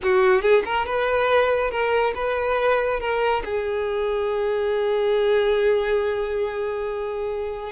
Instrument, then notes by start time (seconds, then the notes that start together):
violin
0.02 F#4
0.41 G#4
0.65 A#4
0.86 B4
1.70 A#4
2.14 B4
3.00 A#4
3.44 G#4